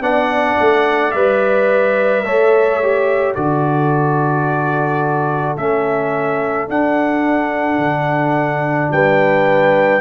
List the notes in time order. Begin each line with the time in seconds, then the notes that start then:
0.00 B3 D4 D5 F#5
0.59 A3
1.11 G3 B4 E5
2.24 A3 A4 C#5
2.82 G4
3.34 D3 F#4 A4 D5
5.57 A3 C#4 E5
6.68 D4 F#5
7.77 D3
8.91 G3 B4 G5